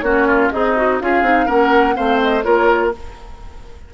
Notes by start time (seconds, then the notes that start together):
0.00 A#3 C#4 F#4 C#5
0.28 F4
0.51 C4 D#4 G#4 D#5
0.77 F#4
1.01 C#4 F4 G#4 F5
1.22 C4 D#4
1.46 A#3 C#4 A#4 F#5
1.94 A3 C4 C5 F5
2.22 D#5
2.43 A#3 F4 A#4 C#5